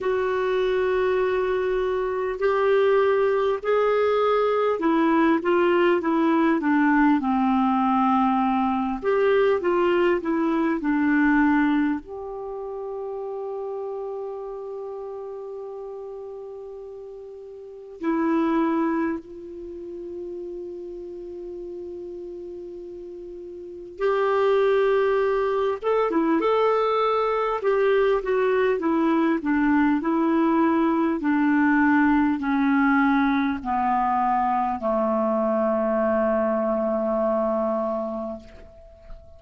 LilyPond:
\new Staff \with { instrumentName = "clarinet" } { \time 4/4 \tempo 4 = 50 fis'2 g'4 gis'4 | e'8 f'8 e'8 d'8 c'4. g'8 | f'8 e'8 d'4 g'2~ | g'2. e'4 |
f'1 | g'4. a'16 e'16 a'4 g'8 fis'8 | e'8 d'8 e'4 d'4 cis'4 | b4 a2. | }